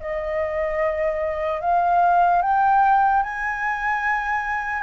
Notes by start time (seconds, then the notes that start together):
0.00 D#5
1.61 F5
2.42 G5
3.23 G#5